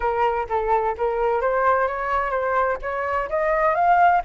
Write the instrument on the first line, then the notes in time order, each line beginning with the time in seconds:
flute
0.00 A#4
0.49 A4
0.97 A#4
1.41 C5
1.87 C#5
2.30 C5
2.81 C#5
3.29 D#5
3.74 F5